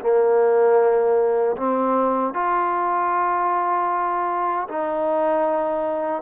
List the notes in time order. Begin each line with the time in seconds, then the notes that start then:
0.00 A#3
1.56 C4
2.33 F4
4.68 D#4